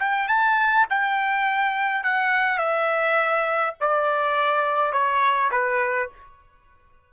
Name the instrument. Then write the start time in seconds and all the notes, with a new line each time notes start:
trumpet
0.00 G5
0.28 A5
0.90 G5
2.04 F#5
2.58 E5
3.81 D5
4.93 C#5
5.52 B4